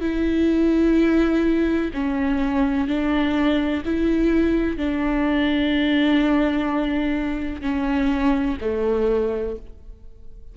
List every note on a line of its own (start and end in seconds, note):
0.00 1.90 E4
1.94 2.87 C#4
2.87 3.83 D4
3.85 4.77 E4
4.77 7.61 D4
7.61 8.57 C#4
8.61 9.56 A3